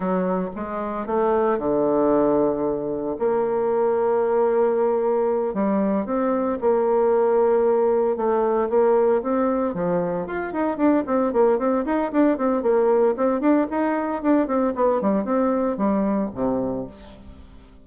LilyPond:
\new Staff \with { instrumentName = "bassoon" } { \time 4/4 \tempo 4 = 114 fis4 gis4 a4 d4~ | d2 ais2~ | ais2~ ais8 g4 c'8~ | c'8 ais2. a8~ |
a8 ais4 c'4 f4 f'8 | dis'8 d'8 c'8 ais8 c'8 dis'8 d'8 c'8 | ais4 c'8 d'8 dis'4 d'8 c'8 | b8 g8 c'4 g4 c4 | }